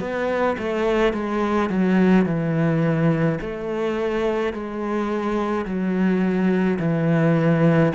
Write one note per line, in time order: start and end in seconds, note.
0.00 0.57 B3
0.59 1.14 A3
1.14 1.70 G#3
1.70 2.26 F#3
2.26 3.39 E3
3.41 4.53 A3
4.53 5.66 G#3
5.66 6.79 F#3
6.79 7.92 E3